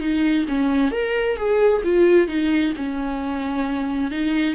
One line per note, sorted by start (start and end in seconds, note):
0.00 0.45 D#4
0.48 0.92 C#4
0.92 1.36 A#4
1.36 1.82 G#4
1.84 2.28 F4
2.28 2.73 D#4
2.77 4.11 C#4
4.11 4.55 D#4